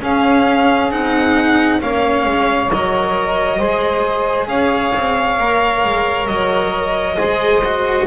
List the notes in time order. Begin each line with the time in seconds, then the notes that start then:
0.00 C#4 G#4 F5
0.91 C4 D#4 F#5
1.80 A#3 C#4 C#5 F5
2.25 G#3
2.71 F#3 A#4 D#5
3.58 G#3 G#4 C5
4.47 C#4 C#5 F5
4.94 C4
5.39 A#3 A#4
5.84 G#3
6.27 F#3 D#5
7.17 G#3 G#4 C5
7.64 F#4